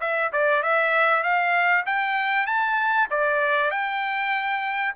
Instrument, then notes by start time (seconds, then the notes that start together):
trumpet
0.00 E5
0.32 D5
0.62 E5
1.23 F5
1.86 G5
2.46 A5
3.10 D5
3.71 G5